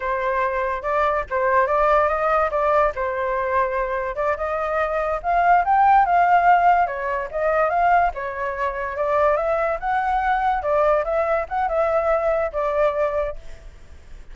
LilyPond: \new Staff \with { instrumentName = "flute" } { \time 4/4 \tempo 4 = 144 c''2 d''4 c''4 | d''4 dis''4 d''4 c''4~ | c''2 d''8 dis''4.~ | dis''8 f''4 g''4 f''4.~ |
f''8 cis''4 dis''4 f''4 cis''8~ | cis''4. d''4 e''4 fis''8~ | fis''4. d''4 e''4 fis''8 | e''2 d''2 | }